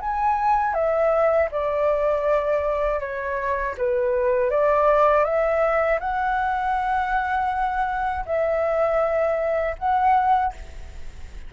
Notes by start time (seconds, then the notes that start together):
0.00 G#5
0.74 E5
1.51 D5
3.00 C#5
3.78 B4
4.50 D5
5.24 E5
6.00 F#5
8.26 E5
9.78 F#5